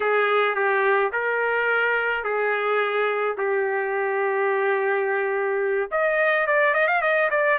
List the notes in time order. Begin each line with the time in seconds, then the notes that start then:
0.00 G#4
0.55 G4
1.12 A#4
2.24 G#4
3.37 G4
5.91 D#5
6.46 D5
6.73 D#5
6.87 F5
7.01 D#5
7.30 D5